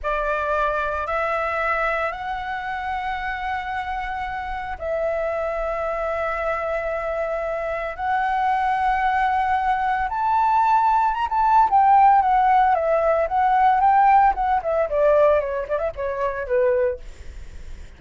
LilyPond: \new Staff \with { instrumentName = "flute" } { \time 4/4 \tempo 4 = 113 d''2 e''2 | fis''1~ | fis''4 e''2.~ | e''2. fis''4~ |
fis''2. a''4~ | a''4 ais''16 a''8. g''4 fis''4 | e''4 fis''4 g''4 fis''8 e''8 | d''4 cis''8 d''16 e''16 cis''4 b'4 | }